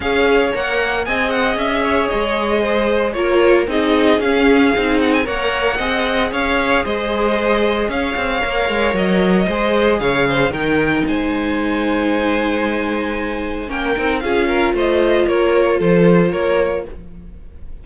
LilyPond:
<<
  \new Staff \with { instrumentName = "violin" } { \time 4/4 \tempo 4 = 114 f''4 fis''4 gis''8 fis''8 e''4 | dis''2 cis''4 dis''4 | f''4. fis''16 gis''16 fis''2 | f''4 dis''2 f''4~ |
f''4 dis''2 f''4 | g''4 gis''2.~ | gis''2 g''4 f''4 | dis''4 cis''4 c''4 cis''4 | }
  \new Staff \with { instrumentName = "violin" } { \time 4/4 cis''2 dis''4. cis''8~ | cis''4 c''4 ais'4 gis'4~ | gis'2 cis''4 dis''4 | cis''4 c''2 cis''4~ |
cis''2 c''4 cis''8 c''8 | ais'4 c''2.~ | c''2 ais'4 gis'8 ais'8 | c''4 ais'4 a'4 ais'4 | }
  \new Staff \with { instrumentName = "viola" } { \time 4/4 gis'4 ais'4 gis'2~ | gis'2 f'4 dis'4 | cis'4 dis'4 ais'4 gis'4~ | gis'1 |
ais'2 gis'2 | dis'1~ | dis'2 cis'8 dis'8 f'4~ | f'1 | }
  \new Staff \with { instrumentName = "cello" } { \time 4/4 cis'4 ais4 c'4 cis'4 | gis2 ais4 c'4 | cis'4 c'4 ais4 c'4 | cis'4 gis2 cis'8 c'8 |
ais8 gis8 fis4 gis4 cis4 | dis4 gis2.~ | gis2 ais8 c'8 cis'4 | a4 ais4 f4 ais4 | }
>>